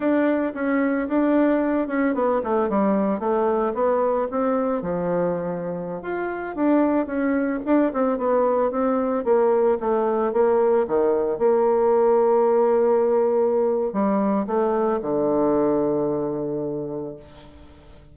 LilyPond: \new Staff \with { instrumentName = "bassoon" } { \time 4/4 \tempo 4 = 112 d'4 cis'4 d'4. cis'8 | b8 a8 g4 a4 b4 | c'4 f2~ f16 f'8.~ | f'16 d'4 cis'4 d'8 c'8 b8.~ |
b16 c'4 ais4 a4 ais8.~ | ais16 dis4 ais2~ ais8.~ | ais2 g4 a4 | d1 | }